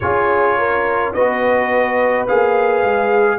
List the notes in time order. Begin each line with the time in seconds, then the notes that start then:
0.00 C#4 F4 G#4 C#5
0.58 A#4
1.13 B3 F#4 B4 D#5
2.27 A#3 G#4 F5
2.83 G#3